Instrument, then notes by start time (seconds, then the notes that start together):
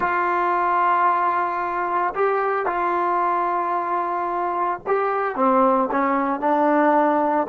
trombone
0.00 F4
2.14 G4
2.66 F4
4.86 G4
5.35 C4
5.91 C#4
6.39 D4